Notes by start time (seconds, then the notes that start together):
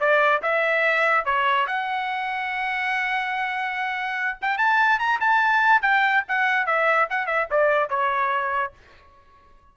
0.00 D5
0.42 E5
1.25 C#5
1.67 F#5
4.41 G5
4.58 A5
4.99 A#5
5.20 A5
5.82 G5
6.28 F#5
6.66 E5
7.10 F#5
7.27 E5
7.50 D5
7.89 C#5